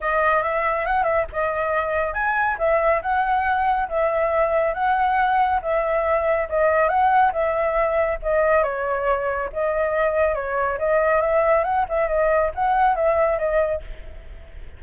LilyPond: \new Staff \with { instrumentName = "flute" } { \time 4/4 \tempo 4 = 139 dis''4 e''4 fis''8 e''8 dis''4~ | dis''4 gis''4 e''4 fis''4~ | fis''4 e''2 fis''4~ | fis''4 e''2 dis''4 |
fis''4 e''2 dis''4 | cis''2 dis''2 | cis''4 dis''4 e''4 fis''8 e''8 | dis''4 fis''4 e''4 dis''4 | }